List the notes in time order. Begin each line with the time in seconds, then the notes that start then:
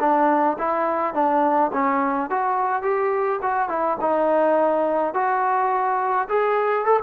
0.00 D4
0.58 E4
1.14 D4
1.73 C#4
2.30 F#4
2.82 G4
3.42 F#4
3.69 E4
4.01 D#4
5.14 F#4
6.29 G#4
6.85 A4